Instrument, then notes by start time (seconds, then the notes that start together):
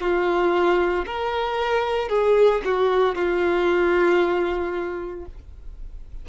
violin
0.00 F4
1.06 A#4
2.09 G#4
2.65 F#4
3.15 F4